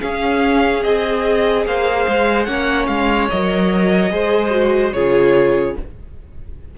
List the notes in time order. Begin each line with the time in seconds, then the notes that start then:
0.00 C#4 G#4 F5
0.83 C4 G#4 D#5
1.66 A#3 C5 F5
2.08 G#3
2.45 A#3 C#4 C#5 F#5
2.87 G#3 F5
3.30 F#3 A#4 D#5
4.11 G#3 G#4 C5
4.50 F#4
4.93 C#3 F4 G#4 C#5